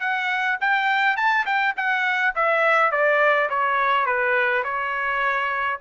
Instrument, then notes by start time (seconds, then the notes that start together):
trumpet
0.00 F#5
0.60 G5
1.16 A5
1.45 G5
1.76 F#5
2.35 E5
2.91 D5
3.49 C#5
4.05 B4
4.63 C#5